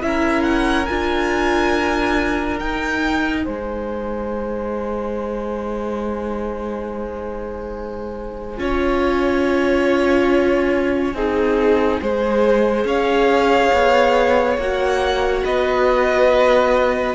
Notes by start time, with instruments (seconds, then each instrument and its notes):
0.00 cello C#4, viola E4, violin A#4 E5
0.42 violin F#5
0.85 cello D4, viola F4, violin G#5
2.57 viola D#4, cello D#4, violin G5
3.43 cello G#3, violin C5 G#5
8.57 cello C#4, viola F4, violin C#5
11.14 cello C4, viola D#4, violin G#4
12.00 cello G#3, viola G#4, violin C5
12.84 cello C#4, violin C#5 F5
13.72 cello B3
14.57 cello A#3, viola F#4, violin F#5
15.43 cello B3, violin B4 D#5